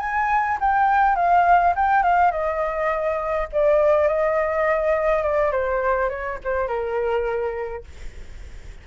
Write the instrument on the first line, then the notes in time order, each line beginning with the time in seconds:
flute
0.00 G#5
0.61 G5
1.16 F5
1.76 G5
2.03 F5
2.32 D#5
3.53 D5
4.08 D#5
5.23 D5
5.52 C5
6.10 C#5
6.44 C5
6.68 A#4